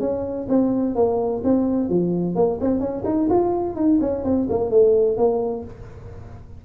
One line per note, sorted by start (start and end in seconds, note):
0.00 0.47 C#4
0.49 0.95 C4
0.95 1.42 A#3
1.44 1.89 C4
1.89 2.35 F3
2.35 2.58 A#3
2.61 2.80 C4
2.80 3.03 C#4
3.05 3.28 D#4
3.29 3.76 F4
3.76 3.99 D#4
4.01 4.24 C#4
4.24 4.47 C4
4.49 4.70 A#3
4.70 5.17 A3
5.17 5.64 A#3